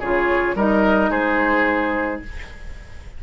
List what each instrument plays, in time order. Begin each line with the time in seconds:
0.00 bassoon C#3, clarinet F4, oboe G#4, flute C#5
0.55 bassoon G3, clarinet D#4, oboe A#4, flute D#5
1.10 bassoon G#3, oboe G#4, flute C5